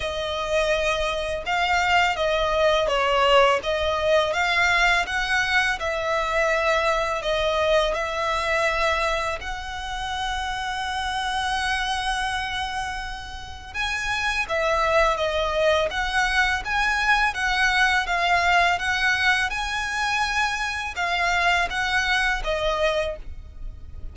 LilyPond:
\new Staff \with { instrumentName = "violin" } { \time 4/4 \tempo 4 = 83 dis''2 f''4 dis''4 | cis''4 dis''4 f''4 fis''4 | e''2 dis''4 e''4~ | e''4 fis''2.~ |
fis''2. gis''4 | e''4 dis''4 fis''4 gis''4 | fis''4 f''4 fis''4 gis''4~ | gis''4 f''4 fis''4 dis''4 | }